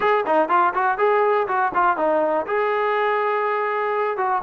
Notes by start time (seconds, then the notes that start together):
0.00 G#4
0.26 D#4
0.48 F4
0.74 F#4
0.98 G#4
1.47 F#4
1.74 F4
1.96 D#4
2.46 G#4
4.17 F#4